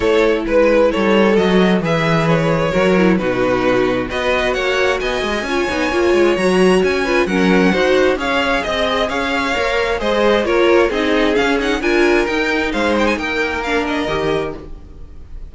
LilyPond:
<<
  \new Staff \with { instrumentName = "violin" } { \time 4/4 \tempo 4 = 132 cis''4 b'4 cis''4 dis''4 | e''4 cis''2 b'4~ | b'4 dis''4 fis''4 gis''4~ | gis''2 ais''4 gis''4 |
fis''2 f''4 dis''4 | f''2 dis''4 cis''4 | dis''4 f''8 fis''8 gis''4 g''4 | f''8 g''16 gis''16 g''4 f''8 dis''4. | }
  \new Staff \with { instrumentName = "violin" } { \time 4/4 a'4 b'4 a'2 | b'2 ais'4 fis'4~ | fis'4 b'4 cis''4 dis''4 | cis''2.~ cis''8 b'8 |
ais'4 c''4 cis''4 dis''4 | cis''2 c''4 ais'4 | gis'2 ais'2 | c''4 ais'2. | }
  \new Staff \with { instrumentName = "viola" } { \time 4/4 e'2. fis'4 | gis'2 fis'8 e'8 dis'4~ | dis'4 fis'2. | f'8 dis'8 f'4 fis'4. f'8 |
cis'4 fis'4 gis'2~ | gis'4 ais'4 gis'4 f'4 | dis'4 cis'8 dis'8 f'4 dis'4~ | dis'2 d'4 g'4 | }
  \new Staff \with { instrumentName = "cello" } { \time 4/4 a4 gis4 g4 fis4 | e2 fis4 b,4~ | b,4 b4 ais4 b8 gis8 | cis'8 b8 ais8 gis8 fis4 cis'4 |
fis4 dis'4 cis'4 c'4 | cis'4 ais4 gis4 ais4 | c'4 cis'4 d'4 dis'4 | gis4 ais2 dis4 | }
>>